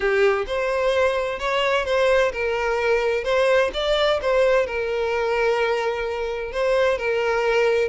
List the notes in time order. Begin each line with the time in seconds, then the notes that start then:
0.00 G4
0.47 C5
1.39 C#5
1.85 C5
2.32 A#4
3.24 C5
3.73 D5
4.21 C5
4.66 A#4
6.51 C5
6.98 A#4